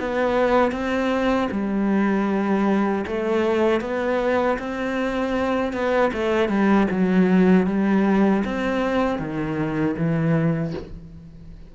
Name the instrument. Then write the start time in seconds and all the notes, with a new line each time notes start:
cello
0.00 B3
0.72 C4
1.52 G3
3.07 A3
3.81 B3
4.59 C4
5.73 B3
6.14 A3
6.49 G3
6.92 F#3
7.67 G3
8.45 C4
9.19 D#3
9.98 E3